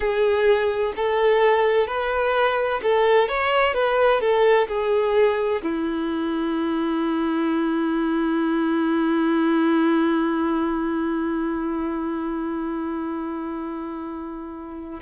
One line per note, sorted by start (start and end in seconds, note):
0.00 0.93 G#4
0.95 1.87 A4
1.87 2.80 B4
2.83 3.28 A4
3.28 3.74 C#5
3.74 4.20 B4
4.20 4.67 A4
4.68 5.62 G#4
5.62 15.00 E4